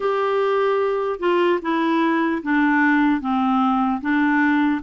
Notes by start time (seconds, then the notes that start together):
0.00 G4
1.19 F4
1.61 E4
2.42 D4
3.20 C4
4.01 D4